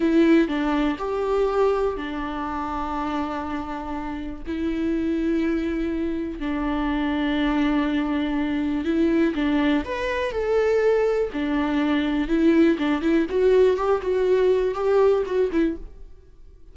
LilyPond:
\new Staff \with { instrumentName = "viola" } { \time 4/4 \tempo 4 = 122 e'4 d'4 g'2 | d'1~ | d'4 e'2.~ | e'4 d'2.~ |
d'2 e'4 d'4 | b'4 a'2 d'4~ | d'4 e'4 d'8 e'8 fis'4 | g'8 fis'4. g'4 fis'8 e'8 | }